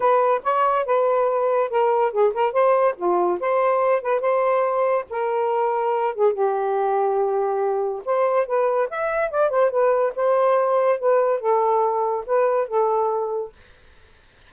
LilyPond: \new Staff \with { instrumentName = "saxophone" } { \time 4/4 \tempo 4 = 142 b'4 cis''4 b'2 | ais'4 gis'8 ais'8 c''4 f'4 | c''4. b'8 c''2 | ais'2~ ais'8 gis'8 g'4~ |
g'2. c''4 | b'4 e''4 d''8 c''8 b'4 | c''2 b'4 a'4~ | a'4 b'4 a'2 | }